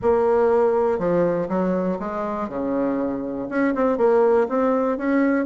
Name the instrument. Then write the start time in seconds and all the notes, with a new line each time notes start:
bassoon
0.02 A#3
0.98 F3
1.49 F#3
1.99 G#3
2.48 C#3
3.49 C#4
3.74 C4
3.97 A#3
4.49 C4
4.97 C#4